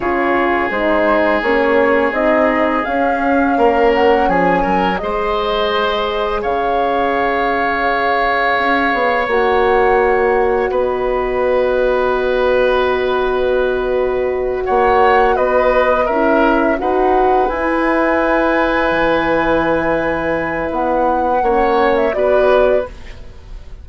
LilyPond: <<
  \new Staff \with { instrumentName = "flute" } { \time 4/4 \tempo 4 = 84 cis''4 c''4 cis''4 dis''4 | f''4. fis''8 gis''4 dis''4~ | dis''4 f''2.~ | f''4 fis''2 dis''4~ |
dis''1~ | dis''8 fis''4 dis''4 e''4 fis''8~ | fis''8 gis''2.~ gis''8~ | gis''4 fis''4.~ fis''16 e''16 d''4 | }
  \new Staff \with { instrumentName = "oboe" } { \time 4/4 gis'1~ | gis'4 ais'4 gis'8 ais'8 c''4~ | c''4 cis''2.~ | cis''2. b'4~ |
b'1~ | b'8 cis''4 b'4 ais'4 b'8~ | b'1~ | b'2 cis''4 b'4 | }
  \new Staff \with { instrumentName = "horn" } { \time 4/4 f'4 dis'4 cis'4 dis'4 | cis'2. gis'4~ | gis'1~ | gis'4 fis'2.~ |
fis'1~ | fis'2~ fis'8 e'4 fis'8~ | fis'8 e'2.~ e'8~ | e'2 cis'4 fis'4 | }
  \new Staff \with { instrumentName = "bassoon" } { \time 4/4 cis4 gis4 ais4 c'4 | cis'4 ais4 f8 fis8 gis4~ | gis4 cis2. | cis'8 b8 ais2 b4~ |
b1~ | b8 ais4 b4 cis'4 dis'8~ | dis'8 e'2 e4.~ | e4 b4 ais4 b4 | }
>>